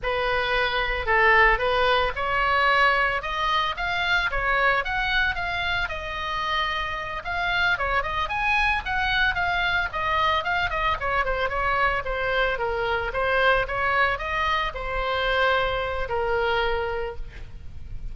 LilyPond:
\new Staff \with { instrumentName = "oboe" } { \time 4/4 \tempo 4 = 112 b'2 a'4 b'4 | cis''2 dis''4 f''4 | cis''4 fis''4 f''4 dis''4~ | dis''4. f''4 cis''8 dis''8 gis''8~ |
gis''8 fis''4 f''4 dis''4 f''8 | dis''8 cis''8 c''8 cis''4 c''4 ais'8~ | ais'8 c''4 cis''4 dis''4 c''8~ | c''2 ais'2 | }